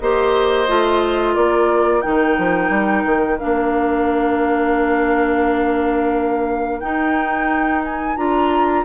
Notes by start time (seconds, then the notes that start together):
0.00 A#3 G4 C5 D#5
0.68 A3 F4
1.34 A#3 A#4 D5
2.02 D#3 D#4 G5
2.38 F3
2.70 G3
3.05 D#3
3.39 A#3 D4 F5
6.80 D#4 G5
7.84 G#5
8.17 D4 F4 A#5